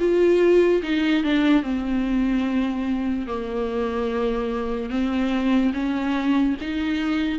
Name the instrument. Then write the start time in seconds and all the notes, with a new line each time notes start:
viola
0.00 F4
0.83 D#4
1.24 D4
1.63 C4
3.27 A#3
4.90 C4
5.73 C#4
6.61 D#4